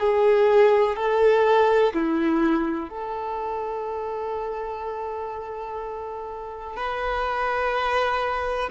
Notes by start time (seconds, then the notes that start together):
0.00 G#4
0.97 A4
1.94 E4
2.90 A4
6.77 B4